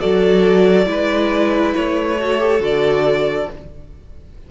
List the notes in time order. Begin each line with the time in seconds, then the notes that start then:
0.00 F#3 F#4 A4 D5
0.86 G#3 E4 B4
1.76 A3 C#5
2.20 F#4 A4
2.39 G4
2.60 D3 F#4 D5